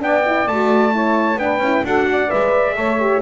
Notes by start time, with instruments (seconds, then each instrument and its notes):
0.00 double bass B3, horn D4, saxophone D5, trumpet G5
0.26 horn E4
0.48 double bass A3, horn F#4, trumpet A5
0.92 horn E4, saxophone C#5
1.36 double bass B3, horn D4, trumpet G5
1.43 saxophone B4
1.59 double bass C#4, horn E4
1.85 double bass D4, horn F#4, saxophone A4, trumpet F#5
2.11 saxophone D5
2.29 double bass G#3, horn B4, trumpet E5
2.76 double bass A3, horn A4, saxophone C#5
3.00 horn G4